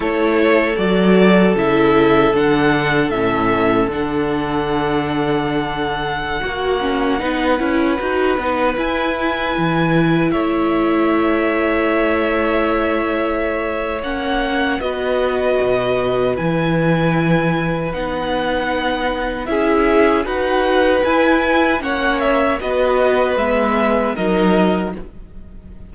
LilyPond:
<<
  \new Staff \with { instrumentName = "violin" } { \time 4/4 \tempo 4 = 77 cis''4 d''4 e''4 fis''4 | e''4 fis''2.~ | fis''2.~ fis''16 gis''8.~ | gis''4~ gis''16 e''2~ e''8.~ |
e''2 fis''4 dis''4~ | dis''4 gis''2 fis''4~ | fis''4 e''4 fis''4 gis''4 | fis''8 e''8 dis''4 e''4 dis''4 | }
  \new Staff \with { instrumentName = "violin" } { \time 4/4 a'1~ | a'1~ | a'16 fis'4 b'2~ b'8.~ | b'4~ b'16 cis''2~ cis''8.~ |
cis''2. b'4~ | b'1~ | b'4 gis'4 b'2 | cis''4 b'2 ais'4 | }
  \new Staff \with { instrumentName = "viola" } { \time 4/4 e'4 fis'4 e'4 d'4 | cis'4 d'2.~ | d'16 fis'8 cis'8 dis'8 e'8 fis'8 dis'8 e'8.~ | e'1~ |
e'2 cis'4 fis'4~ | fis'4 e'2 dis'4~ | dis'4 e'4 fis'4 e'4 | cis'4 fis'4 b4 dis'4 | }
  \new Staff \with { instrumentName = "cello" } { \time 4/4 a4 fis4 cis4 d4 | a,4 d2.~ | d16 ais4 b8 cis'8 dis'8 b8 e'8.~ | e'16 e4 a2~ a8.~ |
a2 ais4 b4 | b,4 e2 b4~ | b4 cis'4 dis'4 e'4 | ais4 b4 gis4 fis4 | }
>>